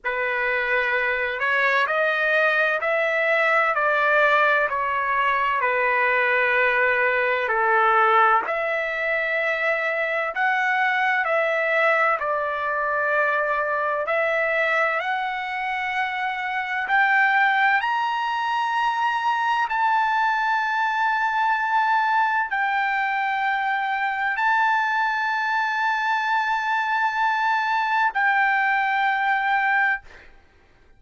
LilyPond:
\new Staff \with { instrumentName = "trumpet" } { \time 4/4 \tempo 4 = 64 b'4. cis''8 dis''4 e''4 | d''4 cis''4 b'2 | a'4 e''2 fis''4 | e''4 d''2 e''4 |
fis''2 g''4 ais''4~ | ais''4 a''2. | g''2 a''2~ | a''2 g''2 | }